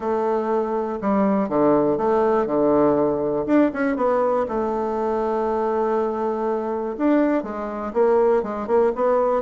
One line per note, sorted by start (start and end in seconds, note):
0.00 0.99 A3
1.01 1.48 G3
1.48 1.97 D3
1.97 2.46 A3
2.46 3.45 D3
3.46 3.71 D4
3.73 3.96 C#4
3.96 4.46 B3
4.48 6.96 A3
6.97 7.43 D4
7.43 7.92 G#3
7.93 8.42 A#3
8.42 8.67 G#3
8.67 8.92 A#3
8.95 9.42 B3